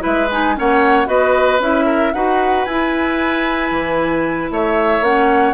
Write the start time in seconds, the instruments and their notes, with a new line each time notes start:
0.00 bassoon G#3, clarinet E4, oboe B4, flute E5
0.32 clarinet D#4, flute G#5
0.56 bassoon A#3, clarinet C#4, oboe C#5, flute F#5
1.06 bassoon B3, clarinet F#4, oboe B4, flute D#5
1.59 bassoon C#4, clarinet E4, flute E5
1.85 oboe A#4
2.13 bassoon D#4, clarinet F#4, oboe B4, flute F#5
2.65 bassoon E4, clarinet E4, flute G#5
3.71 bassoon E3
4.51 bassoon A3, oboe C#5, flute E5
5.01 bassoon A#3, clarinet C#4, flute F#5